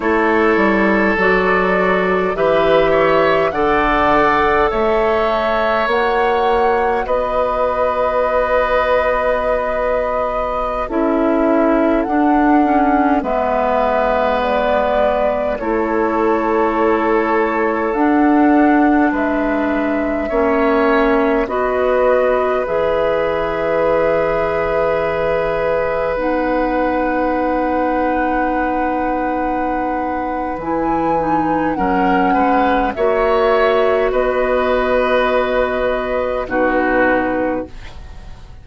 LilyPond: <<
  \new Staff \with { instrumentName = "flute" } { \time 4/4 \tempo 4 = 51 cis''4 d''4 e''4 fis''4 | e''4 fis''4 dis''2~ | dis''4~ dis''16 e''4 fis''4 e''8.~ | e''16 d''4 cis''2 fis''8.~ |
fis''16 e''2 dis''4 e''8.~ | e''2~ e''16 fis''4.~ fis''16~ | fis''2 gis''4 fis''4 | e''4 dis''2 b'4 | }
  \new Staff \with { instrumentName = "oboe" } { \time 4/4 a'2 b'8 cis''8 d''4 | cis''2 b'2~ | b'4~ b'16 a'2 b'8.~ | b'4~ b'16 a'2~ a'8.~ |
a'16 b'4 cis''4 b'4.~ b'16~ | b'1~ | b'2. ais'8 b'8 | cis''4 b'2 fis'4 | }
  \new Staff \with { instrumentName = "clarinet" } { \time 4/4 e'4 fis'4 g'4 a'4~ | a'4 fis'2.~ | fis'4~ fis'16 e'4 d'8 cis'8 b8.~ | b4~ b16 e'2 d'8.~ |
d'4~ d'16 cis'4 fis'4 gis'8.~ | gis'2~ gis'16 dis'4.~ dis'16~ | dis'2 e'8 dis'8 cis'4 | fis'2. dis'4 | }
  \new Staff \with { instrumentName = "bassoon" } { \time 4/4 a8 g8 fis4 e4 d4 | a4 ais4 b2~ | b4~ b16 cis'4 d'4 gis8.~ | gis4~ gis16 a2 d'8.~ |
d'16 gis4 ais4 b4 e8.~ | e2~ e16 b4.~ b16~ | b2 e4 fis8 gis8 | ais4 b2 b,4 | }
>>